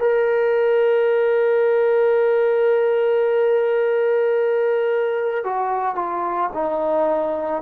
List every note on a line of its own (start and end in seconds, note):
0.00 5.44 A#4
5.44 5.96 F#4
5.96 6.50 F4
6.54 7.63 D#4